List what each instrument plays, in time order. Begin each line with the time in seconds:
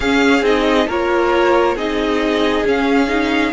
0.00 cello C#4, viola C#4, violin G#4 F5
0.41 cello C4, viola D#4, violin D#5
0.87 cello A#3, viola F4, violin A#4 C#5
1.75 cello C4, viola D#4, violin G#4 D#5
2.64 cello C#4, viola C#4, violin F5
3.07 viola D#4